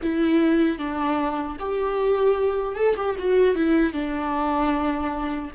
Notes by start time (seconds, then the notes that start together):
0.02 E4
0.78 D4
1.59 G4
2.75 A4
2.96 G4
3.18 F#4
3.55 E4
3.93 D4